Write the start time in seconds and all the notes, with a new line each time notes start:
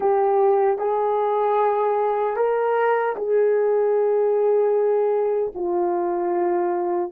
0.00 G4
0.78 G#4
2.36 A#4
3.15 G#4
5.54 F4